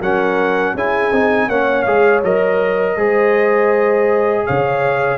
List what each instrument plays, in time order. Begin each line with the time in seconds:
0.00 tuba F#3, trombone C#4, horn A#4, trumpet F#5
0.74 tuba C#4, trombone E4, horn G#4, trumpet G#5
1.12 tuba C4, trombone D#4
1.47 tuba A#3, trombone C#4, horn C#5, trumpet F#5
1.83 tuba G#3, trombone G#4, trumpet F5
2.24 tuba F#3, trombone A#4, trumpet D#5
2.97 tuba G#3, trombone G#4, horn C5
4.46 tuba C#3, horn C#5, trumpet F5